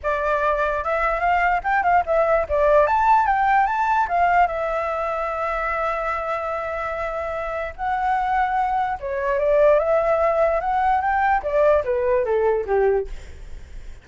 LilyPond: \new Staff \with { instrumentName = "flute" } { \time 4/4 \tempo 4 = 147 d''2 e''4 f''4 | g''8 f''8 e''4 d''4 a''4 | g''4 a''4 f''4 e''4~ | e''1~ |
e''2. fis''4~ | fis''2 cis''4 d''4 | e''2 fis''4 g''4 | d''4 b'4 a'4 g'4 | }